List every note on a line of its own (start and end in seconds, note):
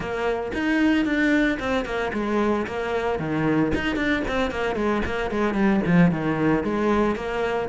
0.00 0.52 A#3
0.53 1.05 D#4
1.05 1.58 D4
1.59 1.85 C4
1.85 2.11 A#3
2.13 2.66 G#3
2.67 3.19 A#3
3.19 3.72 D#3
3.74 3.96 D#4
3.96 4.22 D4
4.28 4.50 C4
4.50 4.75 A#3
4.75 5.02 G#3
5.05 5.30 A#3
5.30 5.54 G#3
5.54 5.80 G3
5.86 6.11 F3
6.11 6.63 D#3
6.63 7.15 G#3
7.15 7.68 A#3